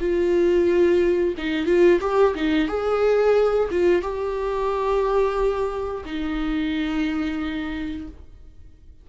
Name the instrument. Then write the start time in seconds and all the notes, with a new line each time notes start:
viola
0.00 F4
1.38 D#4
1.66 F4
2.01 G4
2.35 D#4
2.68 G#4
3.71 F4
4.02 G4
6.05 D#4